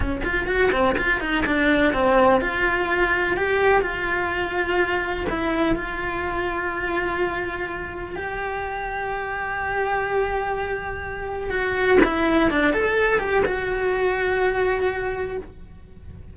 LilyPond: \new Staff \with { instrumentName = "cello" } { \time 4/4 \tempo 4 = 125 cis'8 f'8 fis'8 c'8 f'8 dis'8 d'4 | c'4 f'2 g'4 | f'2. e'4 | f'1~ |
f'4 g'2.~ | g'1 | fis'4 e'4 d'8 a'4 g'8 | fis'1 | }